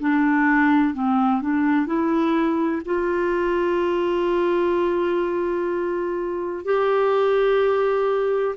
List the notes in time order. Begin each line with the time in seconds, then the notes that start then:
0.00 D4
0.94 C4
1.42 D4
1.87 E4
2.86 F4
6.65 G4